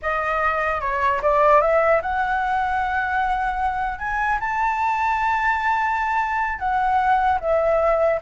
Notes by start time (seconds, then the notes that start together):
0.02 D#5
0.80 C#5
1.21 D5
1.61 E5
2.02 F#5
3.98 G#5
4.39 A5
6.58 F#5
7.40 E5